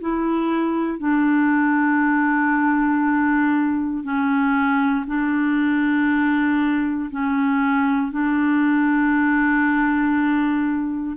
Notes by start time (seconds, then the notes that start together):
0.00 E4
0.98 D4
4.04 C#4
5.06 D4
7.10 C#4
8.11 D4